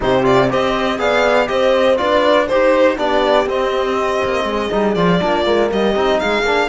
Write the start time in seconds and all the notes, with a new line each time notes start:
0.00 C3 D#4 G4 C5
0.22 F4 D5
0.49 C4 G4 C5 D#5
0.98 B3 G#4 D5 F5
1.46 C4 G4 C5 D#5
1.96 D4 F4 B4 D5
2.46 D#4 G4 C5
2.97 B3 D4 G4 D5
3.46 C4 D#5
4.24 A#3
4.44 G#3 G#4
4.70 G3 D#4
4.94 F3 F4 D5
5.20 A#3 D4 F4
5.44 G#3 A#3
5.70 G3 G4 D#5
5.95 C4 D#4
6.19 G#3 G#4 F5
6.42 A#3 D4